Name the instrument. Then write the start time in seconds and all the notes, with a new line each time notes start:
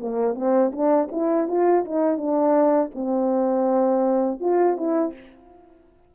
horn
0.00 A#3
0.34 C4
0.72 D4
1.11 E4
1.48 F4
1.85 D#4
2.17 D4
2.94 C4
4.40 F4
4.77 E4